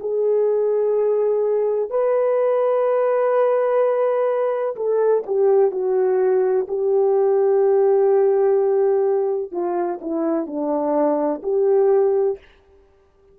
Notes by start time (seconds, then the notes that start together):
0.00 G#4
1.90 B4
4.76 A4
5.26 G4
5.71 F#4
6.68 G4
9.52 F4
10.01 E4
10.46 D4
11.43 G4